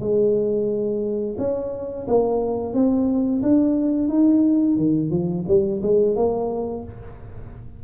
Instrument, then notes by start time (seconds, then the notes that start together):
tuba
0.00 G#3
1.38 C#4
2.07 A#3
2.74 C4
3.43 D4
4.08 D#4
4.77 D#3
5.10 F3
5.48 G3
5.83 G#3
6.16 A#3